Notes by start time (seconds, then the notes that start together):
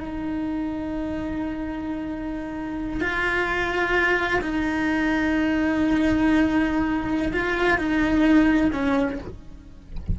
0.00 D#4
3.01 F4
4.41 D#4
7.33 F4
7.78 D#4
8.72 C#4